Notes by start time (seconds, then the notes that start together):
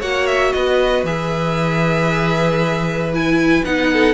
0.00 A#3 F#4 C#5 F#5
0.27 E5
0.52 B3 B4 D#5
1.04 E3 G#4 E5
3.14 E4 G#5
3.65 B3 D#4 F#5
3.93 A4